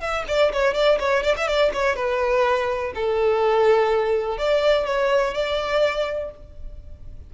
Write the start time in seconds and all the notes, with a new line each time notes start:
0.00 E5
0.28 D5
0.52 C#5
0.74 D5
0.99 C#5
1.23 D5
1.37 E5
1.47 D5
1.73 C#5
1.96 B4
2.95 A4
4.37 D5
4.85 C#5
5.34 D5